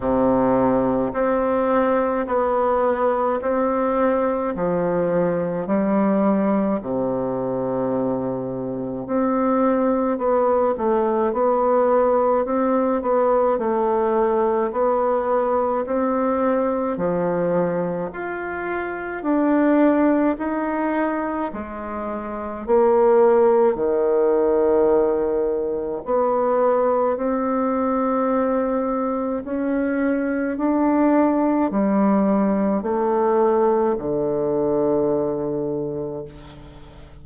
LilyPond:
\new Staff \with { instrumentName = "bassoon" } { \time 4/4 \tempo 4 = 53 c4 c'4 b4 c'4 | f4 g4 c2 | c'4 b8 a8 b4 c'8 b8 | a4 b4 c'4 f4 |
f'4 d'4 dis'4 gis4 | ais4 dis2 b4 | c'2 cis'4 d'4 | g4 a4 d2 | }